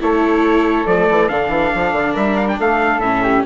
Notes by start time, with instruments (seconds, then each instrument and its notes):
0.00 bassoon A3, viola E4, flute A4, trumpet C#5
0.86 bassoon F3, viola A3, trumpet D5
1.09 bassoon E3
1.28 bassoon D3, viola D4, trumpet F5
1.48 bassoon E3
1.75 bassoon F3
1.92 bassoon D3
2.12 bassoon G3, flute A#4, trumpet E5
2.36 trumpet F5
2.48 trumpet G5
2.59 bassoon A3, flute A4, trumpet F5
2.98 bassoon A2, viola C#4, trumpet E5
3.22 flute G4